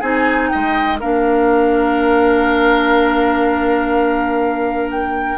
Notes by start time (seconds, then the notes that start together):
0.00 C4 D#4 G#4 G#5
0.49 D#5 G5
0.55 G#3
1.00 A#3 D4 A#4 F5
4.91 G5